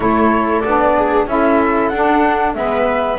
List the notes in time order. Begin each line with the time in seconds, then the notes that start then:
0.00 A3 E4 A4 C#5
0.60 B3 D5
0.67 D4
0.96 G#4
1.26 C#4 E4 A4 E5
1.88 D4 F#5
1.94 D4
2.53 G#3 B3 B4 E5